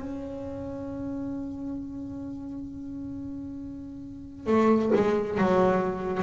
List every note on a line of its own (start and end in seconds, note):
0.00 4.47 C#4
4.47 4.92 A3
4.95 5.39 G#3
5.39 6.23 F#3